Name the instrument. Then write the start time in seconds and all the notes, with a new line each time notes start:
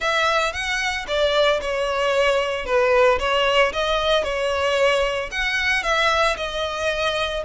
violin
0.00 E5
0.52 F#5
1.07 D5
1.61 C#5
2.65 B4
3.19 C#5
3.72 D#5
4.23 C#5
5.31 F#5
5.83 E5
6.36 D#5